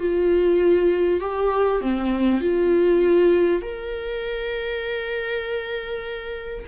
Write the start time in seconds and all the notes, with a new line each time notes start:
0.00 F4
1.21 G4
1.82 C4
2.41 F4
3.62 A#4